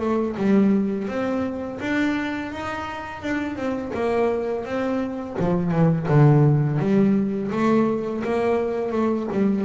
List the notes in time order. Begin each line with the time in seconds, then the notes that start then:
0.00 A3
0.37 G3
1.08 C4
1.81 D4
2.52 D#4
3.22 D4
3.56 C4
3.94 A#3
4.65 C4
5.39 F3
5.71 E3
6.08 D3
6.80 G3
7.51 A3
8.24 A#3
8.92 A3
9.32 G3